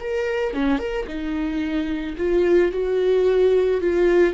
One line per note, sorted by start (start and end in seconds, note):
0.00 0.54 A#4
0.54 0.79 C#4
0.79 1.06 A#4
1.07 2.16 D#4
2.18 2.72 F4
2.72 3.81 F#4
3.81 4.34 F4